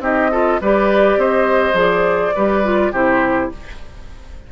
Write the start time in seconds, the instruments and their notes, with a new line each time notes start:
0.00 bassoon C4, clarinet D#4, oboe G4, flute D#5
0.31 clarinet F4, oboe A4
0.61 bassoon G3, clarinet G4, oboe B4, flute D5
1.17 bassoon C4, oboe C5, flute D#5
1.74 bassoon F3, clarinet G#4, flute D5
2.35 bassoon G3, clarinet G4, oboe B4
2.64 clarinet F4
2.92 bassoon C3, clarinet E4, oboe G4, flute C5